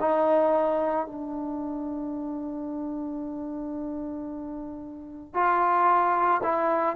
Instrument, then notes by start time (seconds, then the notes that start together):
trombone
0.00 D#4
1.06 D4
5.34 F4
6.43 E4